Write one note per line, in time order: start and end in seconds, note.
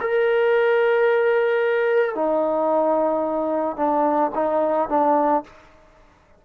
0.00 2.15 A#4
2.15 3.76 D#4
3.76 4.31 D4
4.34 4.89 D#4
4.89 5.43 D4